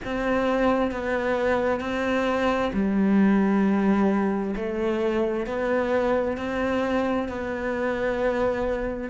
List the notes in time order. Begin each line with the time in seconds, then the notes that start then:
0.05 C4
0.91 B3
1.80 C4
2.73 G3
4.56 A3
5.46 B3
6.37 C4
7.28 B3